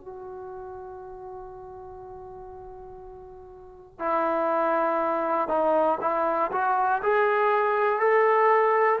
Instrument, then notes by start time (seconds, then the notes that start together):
trombone
0.00 F#4
3.99 E4
5.48 D#4
6.00 E4
6.51 F#4
7.02 G#4
7.99 A4